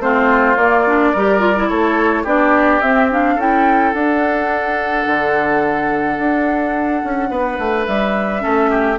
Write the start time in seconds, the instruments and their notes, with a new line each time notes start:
0.00 bassoon A3, clarinet C4, oboe F4, flute C5
0.56 bassoon A#3, clarinet A#3, flute D5
0.87 clarinet D4
1.12 bassoon G3, clarinet G4, oboe A#4
1.39 clarinet F4
1.56 clarinet E4
1.69 bassoon A3, oboe A4, flute C#5
2.24 bassoon B3, clarinet D4, oboe G4, flute D5
2.81 bassoon C4, clarinet C4, flute E5
3.11 clarinet D4, flute F5
3.35 bassoon C#4, clarinet E4, oboe A4, flute G5
3.93 bassoon D4, clarinet D4, flute F#5
5.07 bassoon D3
6.19 bassoon D4
7.04 bassoon C#4
7.30 bassoon B3, oboe B4
7.59 bassoon A3
7.86 bassoon G3, flute E5
8.40 bassoon A3, clarinet C#4, oboe A4
8.70 oboe G4